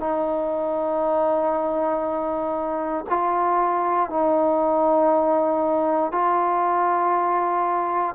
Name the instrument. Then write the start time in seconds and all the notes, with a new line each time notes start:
trombone
0.00 D#4
3.09 F4
4.10 D#4
6.12 F4